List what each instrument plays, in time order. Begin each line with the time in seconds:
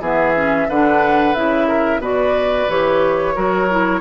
0.00 bassoon E3, clarinet B3, oboe G#4, flute E5
0.35 clarinet C#4
0.69 bassoon D3, clarinet D4, oboe B4, flute F#5
1.34 bassoon C#3, clarinet E4, flute E5
1.67 oboe A#4
1.98 bassoon B2, clarinet F#4, oboe B4, flute D5
2.69 bassoon E3, clarinet G4, flute C#5
3.35 bassoon F#3, clarinet F#4, oboe A#4
3.70 clarinet E4